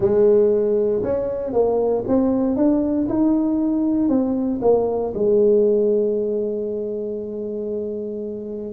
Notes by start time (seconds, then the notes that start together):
0.00 G#3
1.03 C#4
1.52 A#3
2.07 C4
2.56 D4
3.08 D#4
4.09 C4
4.61 A#3
5.14 G#3